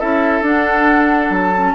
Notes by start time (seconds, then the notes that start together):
0.00 C#4 E4 A4 E5
0.41 D4 F#5
1.30 F#3 A5
1.56 C#4